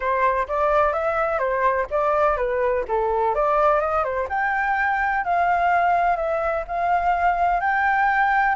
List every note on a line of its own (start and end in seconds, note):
0.00 0.47 C5
0.48 0.92 D5
0.92 1.38 E5
1.38 1.86 C5
1.90 2.37 D5
2.37 2.84 B4
2.87 3.35 A4
3.35 3.80 D5
3.80 4.03 D#5
4.03 4.27 C5
4.29 5.24 G5
5.24 6.16 F5
6.16 6.64 E5
6.67 7.60 F5
7.60 8.55 G5